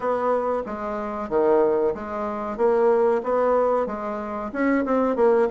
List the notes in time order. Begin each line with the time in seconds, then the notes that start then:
0.00 B3
0.66 G#3
1.29 D#3
1.94 G#3
2.57 A#3
3.23 B3
3.86 G#3
4.52 C#4
4.85 C4
5.16 A#3